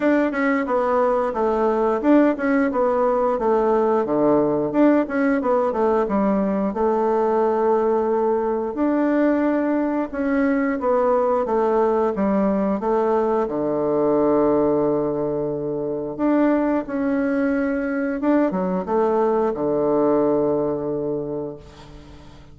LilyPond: \new Staff \with { instrumentName = "bassoon" } { \time 4/4 \tempo 4 = 89 d'8 cis'8 b4 a4 d'8 cis'8 | b4 a4 d4 d'8 cis'8 | b8 a8 g4 a2~ | a4 d'2 cis'4 |
b4 a4 g4 a4 | d1 | d'4 cis'2 d'8 fis8 | a4 d2. | }